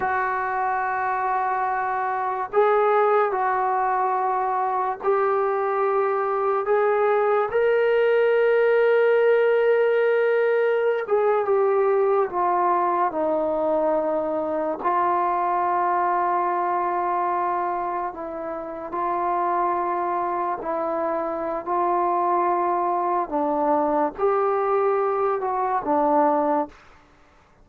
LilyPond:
\new Staff \with { instrumentName = "trombone" } { \time 4/4 \tempo 4 = 72 fis'2. gis'4 | fis'2 g'2 | gis'4 ais'2.~ | ais'4~ ais'16 gis'8 g'4 f'4 dis'16~ |
dis'4.~ dis'16 f'2~ f'16~ | f'4.~ f'16 e'4 f'4~ f'16~ | f'8. e'4~ e'16 f'2 | d'4 g'4. fis'8 d'4 | }